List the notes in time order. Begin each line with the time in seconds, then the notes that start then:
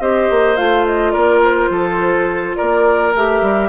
0.00 C4 G4 C5 D#5
0.30 A#3
0.56 A3 F4 F5
0.86 D#5
1.11 A#3 A#4 D5
1.43 C5
1.69 F3 A4
2.56 A#3 A#4 D5
3.14 A3 G4 E5
3.41 G3